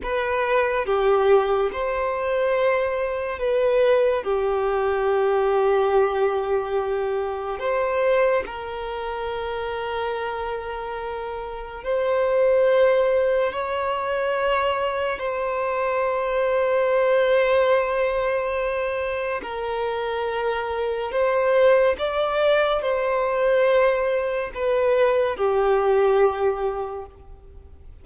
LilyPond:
\new Staff \with { instrumentName = "violin" } { \time 4/4 \tempo 4 = 71 b'4 g'4 c''2 | b'4 g'2.~ | g'4 c''4 ais'2~ | ais'2 c''2 |
cis''2 c''2~ | c''2. ais'4~ | ais'4 c''4 d''4 c''4~ | c''4 b'4 g'2 | }